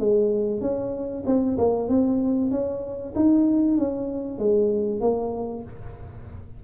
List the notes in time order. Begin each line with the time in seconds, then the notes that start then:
0.00 G#3
0.62 C#4
1.26 C4
1.58 A#3
1.89 C4
2.51 C#4
3.16 D#4
3.78 C#4
4.39 G#3
5.01 A#3